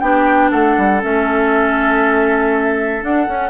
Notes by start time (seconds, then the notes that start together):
0.00 B3 D4 G4 G5
0.51 A3 A4 F#5
0.77 G3
1.01 A3 C#4 E5
3.01 D4 F#5
3.28 C#4